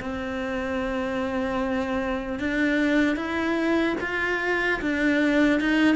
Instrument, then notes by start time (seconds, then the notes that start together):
cello
0.00 C4
2.39 D4
3.16 E4
4.01 F4
4.81 D4
5.60 D#4